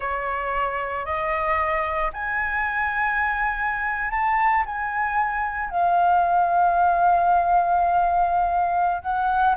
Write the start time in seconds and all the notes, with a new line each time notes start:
0.00 C#5
1.05 D#5
2.13 G#5
4.11 A5
4.65 G#5
5.70 F5
9.02 F#5